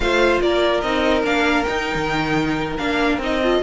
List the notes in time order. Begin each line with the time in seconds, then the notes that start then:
0.00 A3 F4 C5 F5
0.41 A#3 A#4 D5
0.81 C4 D#4 D#5
1.23 A#3 D4 F5
1.63 D#4 G5
1.94 D#3
2.77 A#3 D4 F5
3.17 C4 D#4
3.23 D#5
3.41 F4 A4